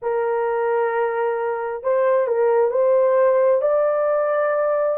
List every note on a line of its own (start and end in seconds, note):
0.01 1.83 A#4
1.83 2.27 C5
2.27 2.70 A#4
2.70 3.61 C5
3.61 4.98 D5